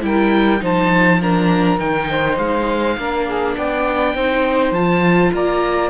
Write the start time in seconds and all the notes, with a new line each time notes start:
0.00 G3 E4 A#4 G5
0.60 F3 D#4 C5 A5
1.21 D4 A#4 A#5
1.78 D#3 D#4 G5
2.09 C5
2.38 G#3 F5
2.97 A#3 D4 A#4
3.26 G#4
3.56 B3 D5 G5
4.14 C4 D#4 C5
4.71 F3 F4 A5
5.33 A#3 D5 A#5